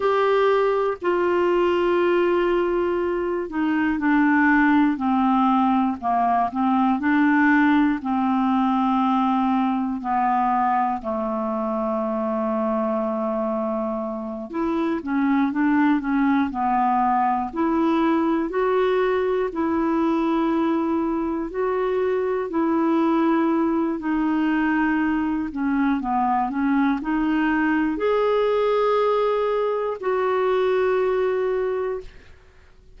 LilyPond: \new Staff \with { instrumentName = "clarinet" } { \time 4/4 \tempo 4 = 60 g'4 f'2~ f'8 dis'8 | d'4 c'4 ais8 c'8 d'4 | c'2 b4 a4~ | a2~ a8 e'8 cis'8 d'8 |
cis'8 b4 e'4 fis'4 e'8~ | e'4. fis'4 e'4. | dis'4. cis'8 b8 cis'8 dis'4 | gis'2 fis'2 | }